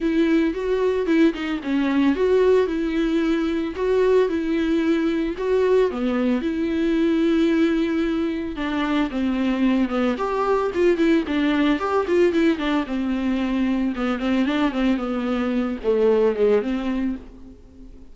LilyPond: \new Staff \with { instrumentName = "viola" } { \time 4/4 \tempo 4 = 112 e'4 fis'4 e'8 dis'8 cis'4 | fis'4 e'2 fis'4 | e'2 fis'4 b4 | e'1 |
d'4 c'4. b8 g'4 | f'8 e'8 d'4 g'8 f'8 e'8 d'8 | c'2 b8 c'8 d'8 c'8 | b4. a4 gis8 c'4 | }